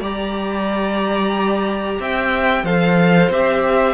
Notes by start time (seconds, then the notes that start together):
0.00 G3 G4 D5 A#5
2.00 C4 E5 G5
2.63 F3 A4 C5 F5
3.30 C4 G4 E5